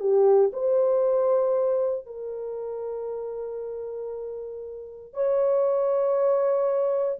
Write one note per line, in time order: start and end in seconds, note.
0.00 0.51 G4
0.53 2.06 C5
2.06 5.14 A#4
5.14 7.19 C#5